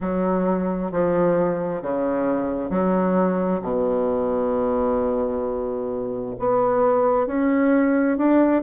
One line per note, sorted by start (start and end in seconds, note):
0.00 0.91 F#3
0.91 1.82 F3
1.82 2.70 C#3
2.70 3.61 F#3
3.62 6.34 B2
6.39 7.26 B3
7.26 8.17 C#4
8.17 8.62 D4